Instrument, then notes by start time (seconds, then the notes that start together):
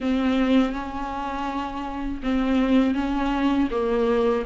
viola
0.00 C4
0.72 C#4
2.22 C4
2.94 C#4
3.70 A#3